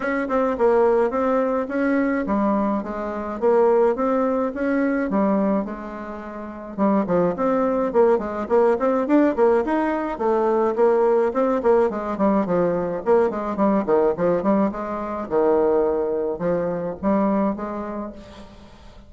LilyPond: \new Staff \with { instrumentName = "bassoon" } { \time 4/4 \tempo 4 = 106 cis'8 c'8 ais4 c'4 cis'4 | g4 gis4 ais4 c'4 | cis'4 g4 gis2 | g8 f8 c'4 ais8 gis8 ais8 c'8 |
d'8 ais8 dis'4 a4 ais4 | c'8 ais8 gis8 g8 f4 ais8 gis8 | g8 dis8 f8 g8 gis4 dis4~ | dis4 f4 g4 gis4 | }